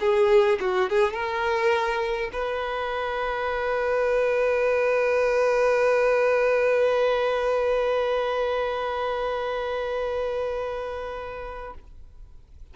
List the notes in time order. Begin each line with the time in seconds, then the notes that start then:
0.00 G#4
0.60 F#4
0.90 G#4
1.13 A#4
2.33 B4